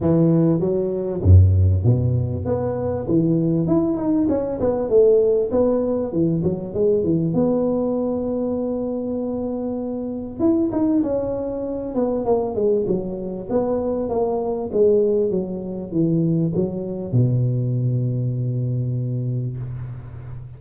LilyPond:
\new Staff \with { instrumentName = "tuba" } { \time 4/4 \tempo 4 = 98 e4 fis4 fis,4 b,4 | b4 e4 e'8 dis'8 cis'8 b8 | a4 b4 e8 fis8 gis8 e8 | b1~ |
b4 e'8 dis'8 cis'4. b8 | ais8 gis8 fis4 b4 ais4 | gis4 fis4 e4 fis4 | b,1 | }